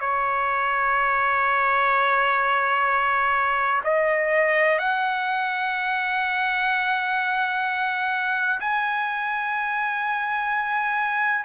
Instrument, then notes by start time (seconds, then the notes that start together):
trumpet
0.00 C#5
3.84 D#5
4.78 F#5
8.60 G#5